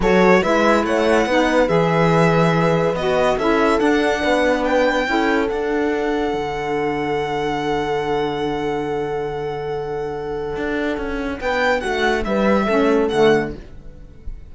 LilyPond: <<
  \new Staff \with { instrumentName = "violin" } { \time 4/4 \tempo 4 = 142 cis''4 e''4 fis''2 | e''2. dis''4 | e''4 fis''2 g''4~ | g''4 fis''2.~ |
fis''1~ | fis''1~ | fis''2. g''4 | fis''4 e''2 fis''4 | }
  \new Staff \with { instrumentName = "horn" } { \time 4/4 a'4 b'4 cis''4 b'4~ | b'1 | a'2 b'2 | a'1~ |
a'1~ | a'1~ | a'2. b'4 | fis'4 b'4 a'2 | }
  \new Staff \with { instrumentName = "saxophone" } { \time 4/4 fis'4 e'2 dis'4 | gis'2. fis'4 | e'4 d'2. | e'4 d'2.~ |
d'1~ | d'1~ | d'1~ | d'2 cis'4 a4 | }
  \new Staff \with { instrumentName = "cello" } { \time 4/4 fis4 gis4 a4 b4 | e2. b4 | cis'4 d'4 b2 | cis'4 d'2 d4~ |
d1~ | d1~ | d4 d'4 cis'4 b4 | a4 g4 a4 d4 | }
>>